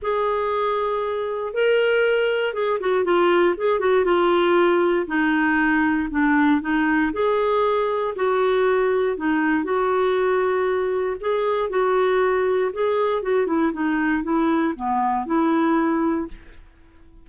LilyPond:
\new Staff \with { instrumentName = "clarinet" } { \time 4/4 \tempo 4 = 118 gis'2. ais'4~ | ais'4 gis'8 fis'8 f'4 gis'8 fis'8 | f'2 dis'2 | d'4 dis'4 gis'2 |
fis'2 dis'4 fis'4~ | fis'2 gis'4 fis'4~ | fis'4 gis'4 fis'8 e'8 dis'4 | e'4 b4 e'2 | }